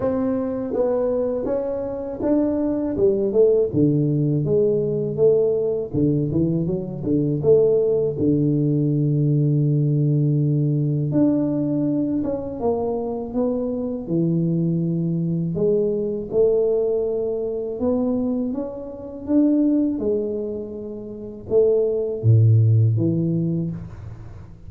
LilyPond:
\new Staff \with { instrumentName = "tuba" } { \time 4/4 \tempo 4 = 81 c'4 b4 cis'4 d'4 | g8 a8 d4 gis4 a4 | d8 e8 fis8 d8 a4 d4~ | d2. d'4~ |
d'8 cis'8 ais4 b4 e4~ | e4 gis4 a2 | b4 cis'4 d'4 gis4~ | gis4 a4 a,4 e4 | }